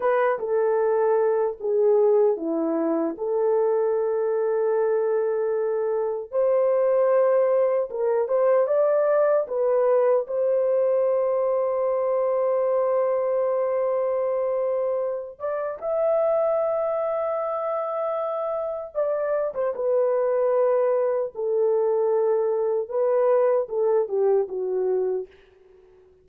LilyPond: \new Staff \with { instrumentName = "horn" } { \time 4/4 \tempo 4 = 76 b'8 a'4. gis'4 e'4 | a'1 | c''2 ais'8 c''8 d''4 | b'4 c''2.~ |
c''2.~ c''8 d''8 | e''1 | d''8. c''16 b'2 a'4~ | a'4 b'4 a'8 g'8 fis'4 | }